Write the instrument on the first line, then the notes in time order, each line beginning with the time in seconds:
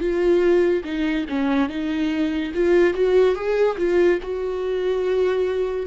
viola
0.00 F4
0.84 D#4
1.29 C#4
1.69 D#4
2.54 F4
2.94 F#4
3.35 G#4
3.78 F4
4.22 F#4